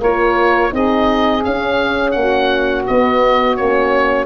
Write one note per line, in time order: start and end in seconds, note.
0.00 0.72 A#3
0.00 0.71 F4
0.00 0.71 A#4
0.00 0.75 C#5
0.71 1.45 C4
0.71 1.42 D#4
0.71 2.17 G#4
0.71 1.45 D#5
1.45 2.16 C#4
1.45 2.87 C#4
1.45 2.12 F5
2.12 2.87 A#3
2.12 2.83 F#5
2.18 4.27 F#4
2.87 3.57 B3
2.87 3.60 B3
2.87 3.57 D#5
3.57 4.27 A#3
3.57 4.27 C#4
3.57 4.27 C#5